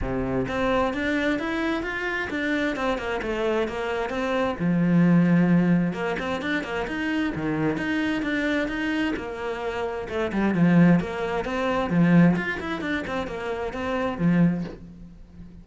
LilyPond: \new Staff \with { instrumentName = "cello" } { \time 4/4 \tempo 4 = 131 c4 c'4 d'4 e'4 | f'4 d'4 c'8 ais8 a4 | ais4 c'4 f2~ | f4 ais8 c'8 d'8 ais8 dis'4 |
dis4 dis'4 d'4 dis'4 | ais2 a8 g8 f4 | ais4 c'4 f4 f'8 e'8 | d'8 c'8 ais4 c'4 f4 | }